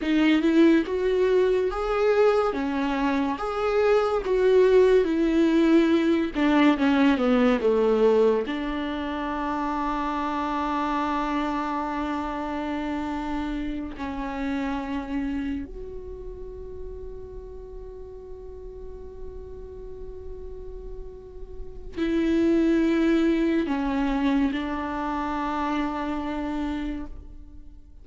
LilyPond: \new Staff \with { instrumentName = "viola" } { \time 4/4 \tempo 4 = 71 dis'8 e'8 fis'4 gis'4 cis'4 | gis'4 fis'4 e'4. d'8 | cis'8 b8 a4 d'2~ | d'1~ |
d'8 cis'2 fis'4.~ | fis'1~ | fis'2 e'2 | cis'4 d'2. | }